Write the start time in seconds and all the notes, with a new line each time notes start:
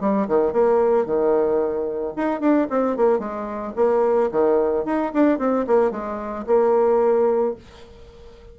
0.00 G3
0.28 D#3
0.53 A#3
1.06 D#3
2.16 D#4
2.40 D4
2.70 C4
2.97 A#3
3.19 G#3
3.76 A#3
4.31 D#3
4.85 D#4
5.13 D4
5.39 C4
5.67 A#3
5.91 G#3
6.47 A#3